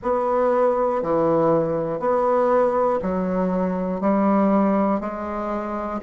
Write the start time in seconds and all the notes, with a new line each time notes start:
0.02 B3
1.02 E3
1.99 B3
3.01 F#3
4.00 G3
5.00 G#3